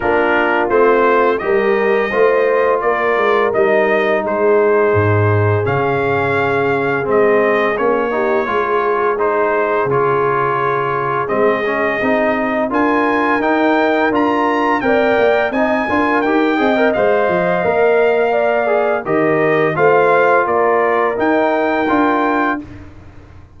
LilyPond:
<<
  \new Staff \with { instrumentName = "trumpet" } { \time 4/4 \tempo 4 = 85 ais'4 c''4 dis''2 | d''4 dis''4 c''2 | f''2 dis''4 cis''4~ | cis''4 c''4 cis''2 |
dis''2 gis''4 g''4 | ais''4 g''4 gis''4 g''4 | f''2. dis''4 | f''4 d''4 g''2 | }
  \new Staff \with { instrumentName = "horn" } { \time 4/4 f'2 ais'4 c''4 | ais'2 gis'2~ | gis'2.~ gis'8 g'8 | gis'1~ |
gis'2 ais'2~ | ais'4 d''4 dis''8 ais'4 dis''8~ | dis''2 d''4 ais'4 | c''4 ais'2. | }
  \new Staff \with { instrumentName = "trombone" } { \time 4/4 d'4 c'4 g'4 f'4~ | f'4 dis'2. | cis'2 c'4 cis'8 dis'8 | f'4 dis'4 f'2 |
c'8 cis'8 dis'4 f'4 dis'4 | f'4 ais'4 dis'8 f'8 g'8 gis'16 ais'16 | c''4 ais'4. gis'8 g'4 | f'2 dis'4 f'4 | }
  \new Staff \with { instrumentName = "tuba" } { \time 4/4 ais4 a4 g4 a4 | ais8 gis8 g4 gis4 gis,4 | cis2 gis4 ais4 | gis2 cis2 |
gis4 c'4 d'4 dis'4 | d'4 c'8 ais8 c'8 d'8 dis'8 c'8 | gis8 f8 ais2 dis4 | a4 ais4 dis'4 d'4 | }
>>